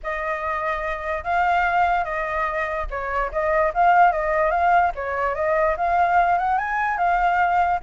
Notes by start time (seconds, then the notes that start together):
0.03 D#5
1.23 F5
2.04 D#5
2.90 C#5
3.31 D#5
3.74 F5
4.12 D#5
4.50 F5
4.95 C#5
5.34 D#5
5.76 F5
6.37 F#5
6.58 G#5
6.97 F5